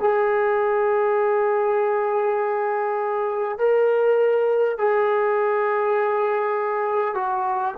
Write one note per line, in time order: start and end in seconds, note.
0.00 3.58 G#4
3.58 4.78 A#4
4.78 7.15 G#4
7.15 7.75 F#4